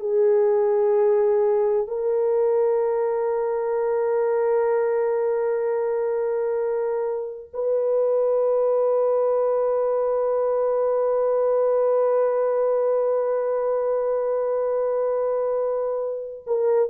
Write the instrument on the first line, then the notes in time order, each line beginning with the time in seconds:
horn
0.00 G#4
1.87 A#4
7.53 B4
16.47 A#4